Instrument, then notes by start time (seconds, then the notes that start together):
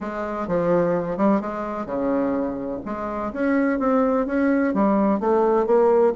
bassoon
0.00 G#3
0.47 F3
1.17 G3
1.40 G#3
1.86 C#3
2.85 G#3
3.33 C#4
3.79 C4
4.26 C#4
4.74 G3
5.20 A3
5.66 A#3